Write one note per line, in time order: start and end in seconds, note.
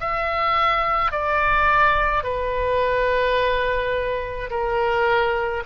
0.00 1.11 E5
1.11 2.23 D5
2.23 4.50 B4
4.50 5.63 A#4